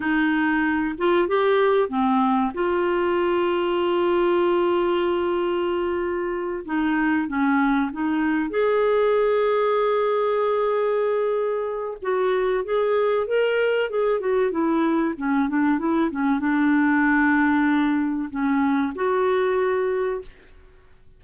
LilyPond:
\new Staff \with { instrumentName = "clarinet" } { \time 4/4 \tempo 4 = 95 dis'4. f'8 g'4 c'4 | f'1~ | f'2~ f'8 dis'4 cis'8~ | cis'8 dis'4 gis'2~ gis'8~ |
gis'2. fis'4 | gis'4 ais'4 gis'8 fis'8 e'4 | cis'8 d'8 e'8 cis'8 d'2~ | d'4 cis'4 fis'2 | }